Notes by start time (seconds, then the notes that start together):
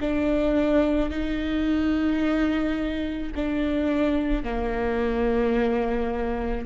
0.00 D4
1.10 D#4
3.35 D4
4.43 A#3